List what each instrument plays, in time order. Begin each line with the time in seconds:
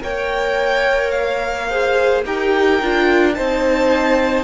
0.00 cello A#3, viola A#4, violin C#5 G5
1.11 violin F5
1.69 viola G#4, violin C5
2.25 cello D#4, viola G4, violin A#4 G5
2.82 cello D4, viola F4
3.34 cello C4, viola D#4, violin C5 A5